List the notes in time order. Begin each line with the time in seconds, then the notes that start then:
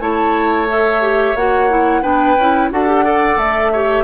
0.00 A3 E4 C#5 A5
0.69 A4 E5
1.02 G4
1.36 A#3 F#4 F#5
1.70 E4
2.02 B3 D4 B4 G5
2.37 C#4 E4
2.71 D4 F#4 A4 F#5
2.88 G4
3.05 A4 D5
3.37 A3 E5
3.72 G4 C#5